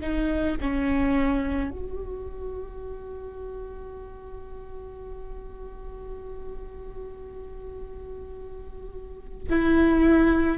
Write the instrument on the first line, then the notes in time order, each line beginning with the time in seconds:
viola
0.00 D#4
0.61 C#4
1.71 F#4
9.49 E4